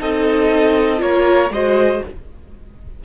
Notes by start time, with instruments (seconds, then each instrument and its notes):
0.00 cello C4, viola D#4, violin A4 D#5
0.98 cello A#3, viola F4, violin A#4 C#5
1.50 cello G#3, viola F#4, violin C5 D#5